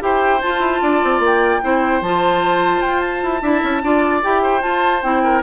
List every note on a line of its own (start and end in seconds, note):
0.00 0.42 E4
0.00 0.40 G4
0.00 0.82 C5
0.00 0.42 G5
0.42 1.62 F4
0.42 0.60 F4
0.42 1.22 A5
0.60 0.80 E4
0.82 1.03 D4
0.82 1.62 D5
1.04 1.20 C4
1.20 1.60 A#3
1.26 2.03 G5
1.62 2.02 C4
1.62 2.02 E4
1.62 3.42 C5
2.02 2.82 F3
2.02 3.43 F4
2.02 2.82 A5
2.82 3.23 F4
2.82 3.00 G5
3.00 4.20 A5
3.23 3.43 E4
3.42 3.63 D4
3.42 3.83 E4
3.42 3.82 E5
3.63 3.83 C#4
3.83 4.23 D4
3.83 4.23 F4
3.83 4.43 D5
4.23 4.63 E4
4.23 4.61 G4
4.23 4.62 G5
4.43 5.23 C5
4.61 5.01 F4
4.61 5.03 F4
4.61 5.02 A5
5.03 5.43 C4
5.03 5.44 E4
5.03 5.43 G5
5.24 5.44 A#4